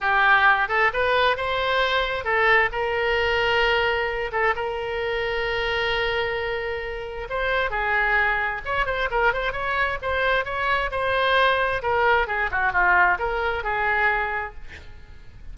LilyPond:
\new Staff \with { instrumentName = "oboe" } { \time 4/4 \tempo 4 = 132 g'4. a'8 b'4 c''4~ | c''4 a'4 ais'2~ | ais'4. a'8 ais'2~ | ais'1 |
c''4 gis'2 cis''8 c''8 | ais'8 c''8 cis''4 c''4 cis''4 | c''2 ais'4 gis'8 fis'8 | f'4 ais'4 gis'2 | }